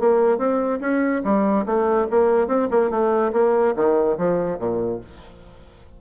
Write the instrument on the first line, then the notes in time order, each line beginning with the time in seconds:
bassoon
0.00 A#3
0.38 C4
0.81 C#4
1.24 G3
1.66 A3
2.11 A#3
2.48 C4
2.71 A#3
2.91 A3
3.33 A#3
3.76 D#3
4.18 F3
4.59 A#2